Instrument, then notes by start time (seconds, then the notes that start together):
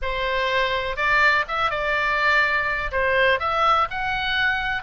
oboe
0.01 C5
0.96 D5
1.48 E5
1.70 D5
2.91 C5
3.39 E5
3.90 F#5